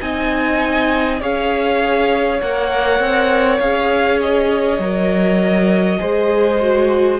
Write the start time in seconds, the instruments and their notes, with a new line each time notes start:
0.00 cello C4, viola D#4, violin D#5 G#5
1.20 cello C#4, viola G#4, violin C#5 F5
2.41 cello A#3, viola A#4, violin F#5
3.00 cello C4
3.60 cello C#4, viola G#4, violin F5
4.21 violin D#5
4.79 cello F#3, viola A#4
5.99 cello G#3, viola G#4, violin C5
6.61 viola F#4